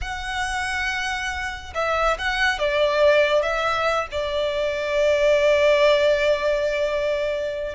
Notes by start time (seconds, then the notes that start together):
0.01 F#5
1.74 E5
2.18 F#5
2.58 D5
3.42 E5
4.11 D5